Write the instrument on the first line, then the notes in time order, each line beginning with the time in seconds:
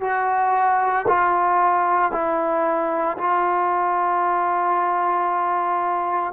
trombone
0.00 F#4
1.07 F4
2.11 E4
3.17 F4